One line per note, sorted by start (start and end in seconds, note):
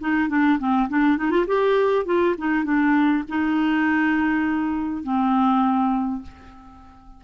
0.00 0.29 D#4
0.29 0.59 D4
0.59 0.88 C4
0.89 1.17 D4
1.17 1.30 D#4
1.30 1.45 F4
1.47 2.05 G4
2.05 2.35 F4
2.38 2.64 D#4
2.64 3.23 D4
3.28 5.03 D#4
5.03 6.22 C4